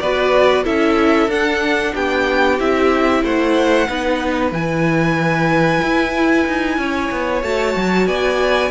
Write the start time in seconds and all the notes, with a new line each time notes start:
0.00 B3 F#4 B4 D5
0.64 C#4 E4 A4 E5
1.28 D4 F#5
1.95 B3 G4 G5
2.59 C4 E4 E5
3.24 A3 C5 F#5
3.87 B3 D#4 B4
4.52 E3 E4 G#5
5.82 E4
6.47 D#4
6.78 C#4 C#5
7.11 B3
7.43 A3 F#4 A5
7.77 F#3
8.07 B3 D5 G#5